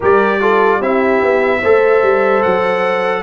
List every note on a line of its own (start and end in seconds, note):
0.00 0.80 G3
0.00 0.41 G4
0.00 0.39 A#4
0.00 0.82 D5
0.41 0.81 F4
0.41 0.78 A4
0.78 1.21 C4
0.78 1.62 E4
0.78 1.59 G4
0.78 2.42 E5
1.22 1.62 B3
1.61 2.02 A3
1.61 3.23 A4
1.61 3.23 C5
2.02 2.43 G3
2.42 3.23 F#3
2.42 3.23 F#5